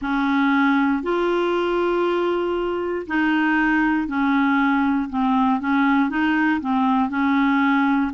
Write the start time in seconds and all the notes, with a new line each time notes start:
0.01 C#4
1.03 F4
3.07 D#4
4.07 C#4
5.09 C4
5.60 C#4
6.09 D#4
6.61 C4
7.09 C#4